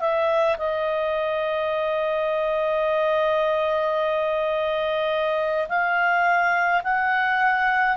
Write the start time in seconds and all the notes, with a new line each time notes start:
0.00 E5
0.58 D#5
5.69 F5
6.84 F#5